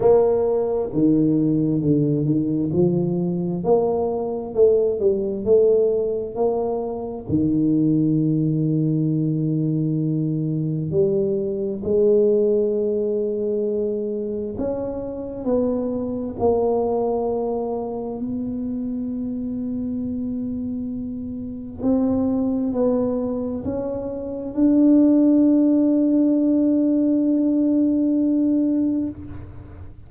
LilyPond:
\new Staff \with { instrumentName = "tuba" } { \time 4/4 \tempo 4 = 66 ais4 dis4 d8 dis8 f4 | ais4 a8 g8 a4 ais4 | dis1 | g4 gis2. |
cis'4 b4 ais2 | b1 | c'4 b4 cis'4 d'4~ | d'1 | }